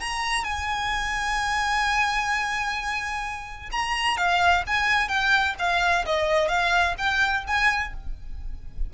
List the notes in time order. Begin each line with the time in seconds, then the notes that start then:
0.00 A#5
0.44 G#5
3.72 A#5
4.17 F5
4.67 G#5
5.08 G5
5.59 F5
6.06 D#5
6.48 F5
6.98 G5
7.47 G#5